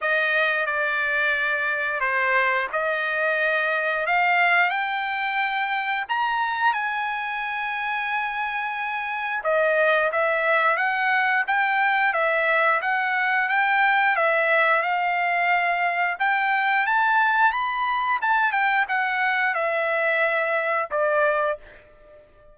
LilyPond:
\new Staff \with { instrumentName = "trumpet" } { \time 4/4 \tempo 4 = 89 dis''4 d''2 c''4 | dis''2 f''4 g''4~ | g''4 ais''4 gis''2~ | gis''2 dis''4 e''4 |
fis''4 g''4 e''4 fis''4 | g''4 e''4 f''2 | g''4 a''4 b''4 a''8 g''8 | fis''4 e''2 d''4 | }